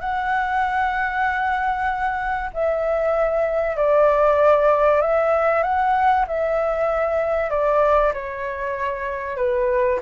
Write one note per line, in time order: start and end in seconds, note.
0.00 2.50 F#5
2.53 3.76 E5
3.76 5.01 D5
5.01 5.63 E5
5.63 6.26 F#5
6.28 7.50 E5
7.50 8.13 D5
8.13 9.37 C#5
9.37 9.99 B4